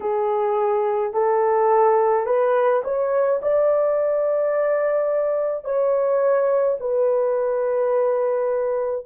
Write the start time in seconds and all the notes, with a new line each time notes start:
0.00 G#4
1.13 A4
2.25 B4
2.84 C#5
3.42 D5
5.64 C#5
6.80 B4